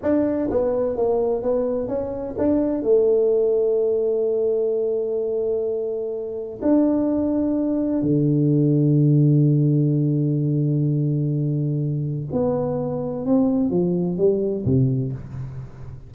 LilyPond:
\new Staff \with { instrumentName = "tuba" } { \time 4/4 \tempo 4 = 127 d'4 b4 ais4 b4 | cis'4 d'4 a2~ | a1~ | a2 d'2~ |
d'4 d2.~ | d1~ | d2 b2 | c'4 f4 g4 c4 | }